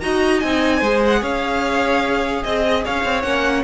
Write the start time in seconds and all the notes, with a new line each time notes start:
0.00 D#4 F#4 D#5 A#5
0.40 C4 D#4 G#5
0.79 G#3 G#4 C5
1.07 F#5
1.21 C#4 C#5 F5
2.43 C4 D#5
2.85 C#4 C#5 F5
3.04 C4
3.22 A#3 C#4 F#5